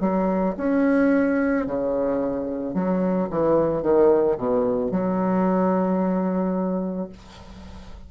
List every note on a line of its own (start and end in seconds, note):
0.00 0.55 F#3
0.57 1.66 C#4
1.66 2.74 C#3
2.74 3.28 F#3
3.30 3.82 E3
3.82 4.37 D#3
4.37 4.91 B2
4.91 7.09 F#3